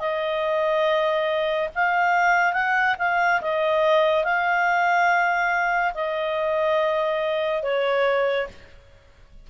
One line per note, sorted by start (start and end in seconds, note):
0.00 1.69 D#5
1.76 2.54 F5
2.54 2.96 F#5
2.99 3.41 F5
3.42 4.25 D#5
4.25 5.94 F5
5.95 7.63 D#5
7.63 8.48 C#5